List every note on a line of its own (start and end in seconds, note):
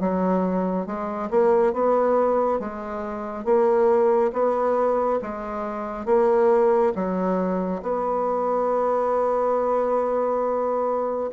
0.00 0.86 F#3
0.86 1.30 G#3
1.30 1.73 A#3
1.73 2.60 B3
2.60 3.45 G#3
3.45 4.32 A#3
4.33 5.20 B3
5.22 6.06 G#3
6.06 6.93 A#3
6.95 7.82 F#3
7.83 11.30 B3